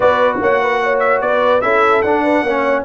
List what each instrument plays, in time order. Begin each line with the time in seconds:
0.00 tuba B3, trombone F#4, horn B4, trumpet D5
0.40 tuba A#3, horn C#5, trumpet F#5
0.61 horn B4
0.83 horn C#5
0.99 trumpet E5
1.21 tuba B3, horn B4, trumpet D5
1.61 tuba C#4, trombone E4, horn A4, trumpet E5
2.02 tuba D4, trombone D4, trumpet F#5
2.23 horn B4
2.42 tuba A#3, trombone C#4, horn C#5